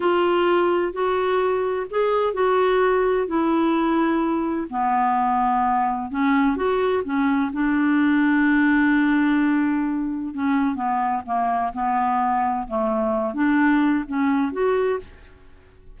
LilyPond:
\new Staff \with { instrumentName = "clarinet" } { \time 4/4 \tempo 4 = 128 f'2 fis'2 | gis'4 fis'2 e'4~ | e'2 b2~ | b4 cis'4 fis'4 cis'4 |
d'1~ | d'2 cis'4 b4 | ais4 b2 a4~ | a8 d'4. cis'4 fis'4 | }